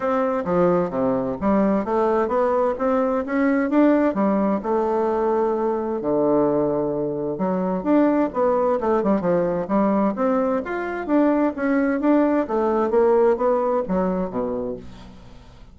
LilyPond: \new Staff \with { instrumentName = "bassoon" } { \time 4/4 \tempo 4 = 130 c'4 f4 c4 g4 | a4 b4 c'4 cis'4 | d'4 g4 a2~ | a4 d2. |
fis4 d'4 b4 a8 g8 | f4 g4 c'4 f'4 | d'4 cis'4 d'4 a4 | ais4 b4 fis4 b,4 | }